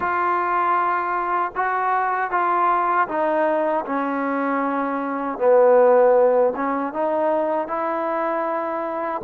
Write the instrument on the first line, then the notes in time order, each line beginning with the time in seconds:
trombone
0.00 F4
1.55 F#4
2.30 F4
3.08 D#4
3.85 C#4
5.38 B3
6.56 C#4
6.93 D#4
7.67 E4